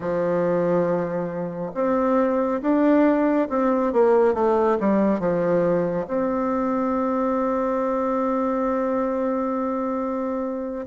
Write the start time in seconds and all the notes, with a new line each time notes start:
0.00 F3
1.74 C4
2.61 D4
3.49 C4
3.92 A#3
4.34 A3
4.80 G3
5.19 F3
6.07 C4